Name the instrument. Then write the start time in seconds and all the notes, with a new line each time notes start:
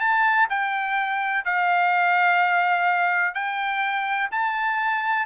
trumpet
0.00 A5
0.50 G5
1.45 F5
3.34 G5
4.31 A5